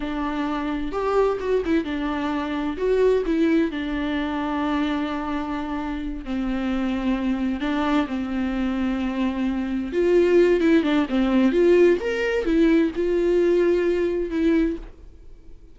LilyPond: \new Staff \with { instrumentName = "viola" } { \time 4/4 \tempo 4 = 130 d'2 g'4 fis'8 e'8 | d'2 fis'4 e'4 | d'1~ | d'4. c'2~ c'8~ |
c'8 d'4 c'2~ c'8~ | c'4. f'4. e'8 d'8 | c'4 f'4 ais'4 e'4 | f'2. e'4 | }